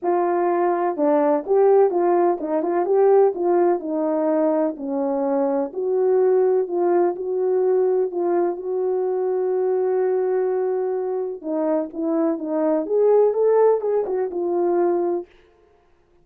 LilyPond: \new Staff \with { instrumentName = "horn" } { \time 4/4 \tempo 4 = 126 f'2 d'4 g'4 | f'4 dis'8 f'8 g'4 f'4 | dis'2 cis'2 | fis'2 f'4 fis'4~ |
fis'4 f'4 fis'2~ | fis'1 | dis'4 e'4 dis'4 gis'4 | a'4 gis'8 fis'8 f'2 | }